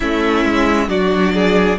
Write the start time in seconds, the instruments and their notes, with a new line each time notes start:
0.00 cello A3, viola C#4, violin E4 E5
0.44 cello G#3
0.88 cello F#3, viola D4, violin F#4 D5
1.33 violin G#4